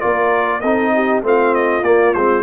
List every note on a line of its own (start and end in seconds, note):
0.00 0.63 A#3
0.00 0.61 F4
0.00 0.61 A#4
0.00 0.60 D5
0.60 1.22 C4
0.60 1.22 D#4
0.60 0.91 A4
0.60 1.21 D#5
0.94 1.24 G4
1.22 1.83 A3
1.22 1.83 C4
1.22 2.43 F4
1.22 1.54 F5
1.54 1.84 D#5
1.83 2.13 A#3
1.83 2.15 A#3
1.83 2.14 D5
2.14 2.43 G#3
2.14 2.43 C4
2.14 2.43 C5